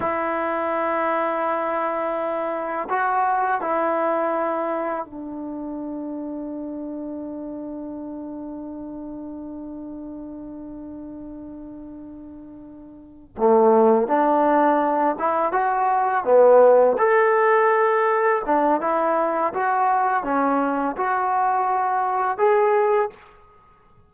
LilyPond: \new Staff \with { instrumentName = "trombone" } { \time 4/4 \tempo 4 = 83 e'1 | fis'4 e'2 d'4~ | d'1~ | d'1~ |
d'2~ d'8 a4 d'8~ | d'4 e'8 fis'4 b4 a'8~ | a'4. d'8 e'4 fis'4 | cis'4 fis'2 gis'4 | }